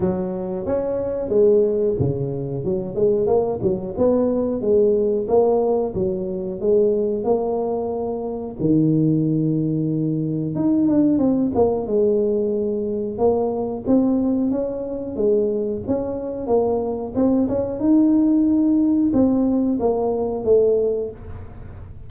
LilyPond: \new Staff \with { instrumentName = "tuba" } { \time 4/4 \tempo 4 = 91 fis4 cis'4 gis4 cis4 | fis8 gis8 ais8 fis8 b4 gis4 | ais4 fis4 gis4 ais4~ | ais4 dis2. |
dis'8 d'8 c'8 ais8 gis2 | ais4 c'4 cis'4 gis4 | cis'4 ais4 c'8 cis'8 dis'4~ | dis'4 c'4 ais4 a4 | }